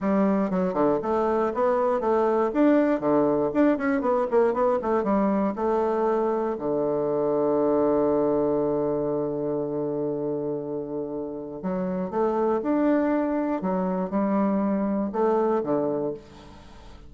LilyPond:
\new Staff \with { instrumentName = "bassoon" } { \time 4/4 \tempo 4 = 119 g4 fis8 d8 a4 b4 | a4 d'4 d4 d'8 cis'8 | b8 ais8 b8 a8 g4 a4~ | a4 d2.~ |
d1~ | d2. fis4 | a4 d'2 fis4 | g2 a4 d4 | }